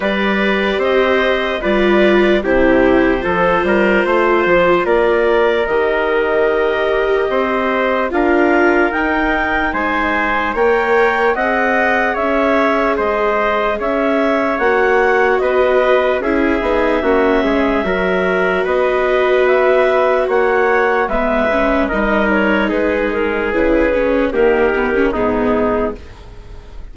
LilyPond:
<<
  \new Staff \with { instrumentName = "clarinet" } { \time 4/4 \tempo 4 = 74 d''4 dis''4 d''4 c''4~ | c''2 d''4 dis''4~ | dis''2 f''4 g''4 | gis''4 g''4 fis''4 e''4 |
dis''4 e''4 fis''4 dis''4 | e''2. dis''4 | e''4 fis''4 e''4 dis''8 cis''8 | b'8 ais'8 b'4 ais'4 gis'4 | }
  \new Staff \with { instrumentName = "trumpet" } { \time 4/4 b'4 c''4 b'4 g'4 | a'8 ais'8 c''4 ais'2~ | ais'4 c''4 ais'2 | c''4 cis''4 dis''4 cis''4 |
c''4 cis''2 b'4 | gis'4 fis'8 gis'8 ais'4 b'4~ | b'4 cis''4 b'4 ais'4 | gis'2 g'4 dis'4 | }
  \new Staff \with { instrumentName = "viola" } { \time 4/4 g'2 f'4 e'4 | f'2. g'4~ | g'2 f'4 dis'4~ | dis'4 ais'4 gis'2~ |
gis'2 fis'2 | e'8 dis'8 cis'4 fis'2~ | fis'2 b8 cis'8 dis'4~ | dis'4 e'8 cis'8 ais8 b16 cis'16 b4 | }
  \new Staff \with { instrumentName = "bassoon" } { \time 4/4 g4 c'4 g4 c4 | f8 g8 a8 f8 ais4 dis4~ | dis4 c'4 d'4 dis'4 | gis4 ais4 c'4 cis'4 |
gis4 cis'4 ais4 b4 | cis'8 b8 ais8 gis8 fis4 b4~ | b4 ais4 gis4 g4 | gis4 cis4 dis4 gis,4 | }
>>